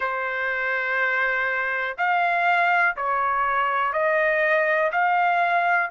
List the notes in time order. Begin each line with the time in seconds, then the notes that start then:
0.00 C5
1.97 F5
2.96 C#5
3.93 D#5
4.92 F5